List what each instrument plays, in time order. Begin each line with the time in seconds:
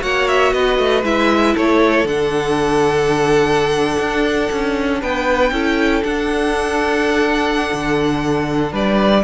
0.00 cello A#3, viola F#4, violin C#5 F#5
0.28 violin E5
0.53 cello B3, violin B4 D#5
0.79 cello A3
1.03 cello G#3, viola E4, violin E5
1.55 cello A3, violin A4 C#5
2.05 cello D3, viola D4, violin F#5
3.98 cello D4
4.52 cello C#4
5.01 cello B3, violin B4 G5
5.51 cello C#4, viola E4, violin A4
6.03 viola D4, cello D4, violin F#5
7.73 cello D3
8.72 cello G3, violin B4 D5